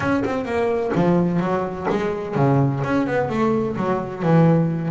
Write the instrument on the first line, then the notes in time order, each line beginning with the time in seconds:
double bass
0.00 C#4
0.25 C4
0.45 A#3
0.95 F3
1.39 F#3
1.89 G#3
2.35 C#3
2.84 C#4
3.07 B3
3.29 A3
3.76 F#3
4.22 E3